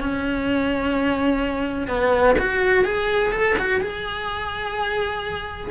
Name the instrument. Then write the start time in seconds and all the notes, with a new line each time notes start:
cello
0.00 C#4
1.88 B3
2.39 F#4
2.84 G#4
3.32 A4
3.59 F#4
3.81 G#4